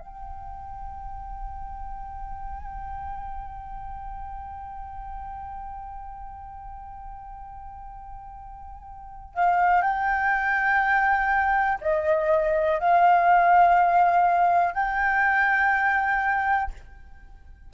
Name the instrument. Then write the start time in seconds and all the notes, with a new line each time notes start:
flute
0.00 G5
9.34 F5
9.82 G5
11.81 D#5
12.80 F5
14.74 G5